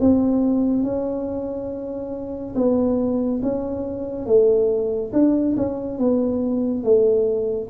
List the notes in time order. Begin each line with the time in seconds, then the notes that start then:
0.00 C4
0.83 C#4
2.55 B3
3.42 C#4
4.26 A3
5.13 D4
5.57 C#4
5.98 B3
6.83 A3